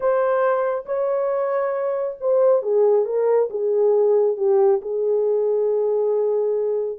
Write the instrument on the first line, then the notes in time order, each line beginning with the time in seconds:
horn
0.00 C5
0.85 C#5
2.20 C5
2.62 G#4
3.05 A#4
3.50 G#4
4.37 G4
4.81 G#4